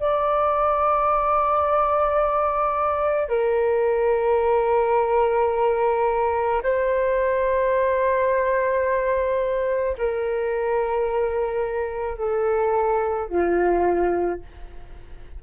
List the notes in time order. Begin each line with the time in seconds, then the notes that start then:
0.00 D5
3.29 A#4
6.63 C5
9.97 A#4
12.18 A4
13.29 F4